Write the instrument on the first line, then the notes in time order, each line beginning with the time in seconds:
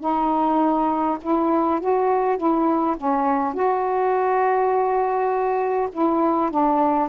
saxophone
0.00 D#4
1.21 E4
1.80 F#4
2.37 E4
2.97 C#4
3.53 F#4
5.92 E4
6.50 D4